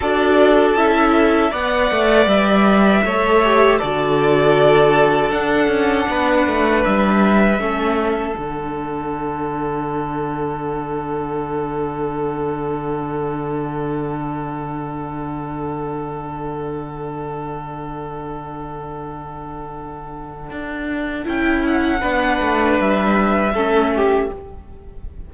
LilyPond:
<<
  \new Staff \with { instrumentName = "violin" } { \time 4/4 \tempo 4 = 79 d''4 e''4 fis''4 e''4~ | e''4 d''2 fis''4~ | fis''4 e''2 fis''4~ | fis''1~ |
fis''1~ | fis''1~ | fis''1 | g''8 fis''4. e''2 | }
  \new Staff \with { instrumentName = "violin" } { \time 4/4 a'2 d''2 | cis''4 a'2. | b'2 a'2~ | a'1~ |
a'1~ | a'1~ | a'1~ | a'4 b'2 a'8 g'8 | }
  \new Staff \with { instrumentName = "viola" } { \time 4/4 fis'4 e'4 b'2 | a'8 g'8 fis'2 d'4~ | d'2 cis'4 d'4~ | d'1~ |
d'1~ | d'1~ | d'1 | e'4 d'2 cis'4 | }
  \new Staff \with { instrumentName = "cello" } { \time 4/4 d'4 cis'4 b8 a8 g4 | a4 d2 d'8 cis'8 | b8 a8 g4 a4 d4~ | d1~ |
d1~ | d1~ | d2. d'4 | cis'4 b8 a8 g4 a4 | }
>>